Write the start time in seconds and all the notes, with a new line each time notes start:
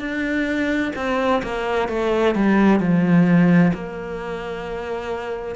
0.00 D4
0.96 C4
1.43 A#3
1.89 A3
2.35 G3
2.79 F3
3.74 A#3